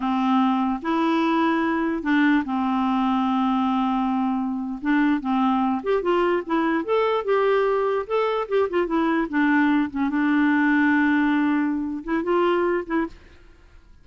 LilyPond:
\new Staff \with { instrumentName = "clarinet" } { \time 4/4 \tempo 4 = 147 c'2 e'2~ | e'4 d'4 c'2~ | c'2.~ c'8. d'16~ | d'8. c'4. g'8 f'4 e'16~ |
e'8. a'4 g'2 a'16~ | a'8. g'8 f'8 e'4 d'4~ d'16~ | d'16 cis'8 d'2.~ d'16~ | d'4. e'8 f'4. e'8 | }